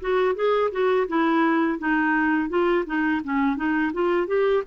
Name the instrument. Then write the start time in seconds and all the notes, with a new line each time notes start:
clarinet
0.00 F#4
0.35 G#4
0.71 F#4
1.07 E4
1.78 D#4
2.49 F4
2.86 D#4
3.24 C#4
3.56 D#4
3.93 F4
4.27 G4